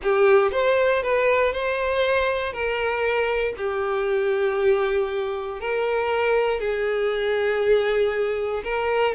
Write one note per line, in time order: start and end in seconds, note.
0.03 0.51 G4
0.51 1.02 C5
1.02 1.53 B4
1.53 2.52 C5
2.52 3.54 A#4
3.57 5.60 G4
5.60 6.60 A#4
6.60 8.63 G#4
8.64 9.14 A#4